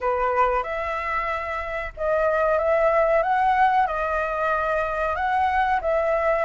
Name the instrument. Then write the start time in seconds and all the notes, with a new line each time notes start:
flute
0.00 B4
0.63 E5
1.96 D#5
2.58 E5
3.23 F#5
3.87 D#5
5.15 F#5
5.81 E5